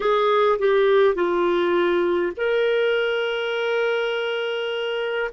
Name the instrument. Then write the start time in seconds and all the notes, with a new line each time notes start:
clarinet
0.00 G#4
0.59 G4
1.14 F4
2.36 A#4